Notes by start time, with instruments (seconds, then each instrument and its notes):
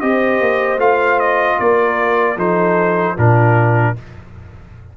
0.00 tuba C4, trombone G4, horn C5, trumpet D#5
0.40 tuba A#3
0.77 tuba A3, trombone F4, trumpet F5
1.19 trumpet D#5
1.59 tuba A#3, horn A#4, trumpet D5
2.36 tuba F3, trombone D#4, horn A4, trumpet C5
3.14 tuba A#2, trombone D4, horn F4, trumpet A#4